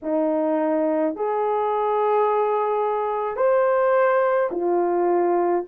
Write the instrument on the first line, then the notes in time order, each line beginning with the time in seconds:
horn
0.02 D#4
1.15 G#4
3.36 C5
4.51 F4